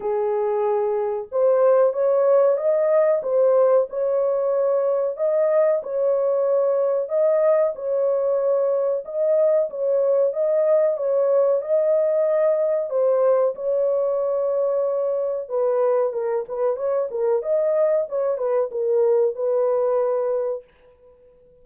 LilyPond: \new Staff \with { instrumentName = "horn" } { \time 4/4 \tempo 4 = 93 gis'2 c''4 cis''4 | dis''4 c''4 cis''2 | dis''4 cis''2 dis''4 | cis''2 dis''4 cis''4 |
dis''4 cis''4 dis''2 | c''4 cis''2. | b'4 ais'8 b'8 cis''8 ais'8 dis''4 | cis''8 b'8 ais'4 b'2 | }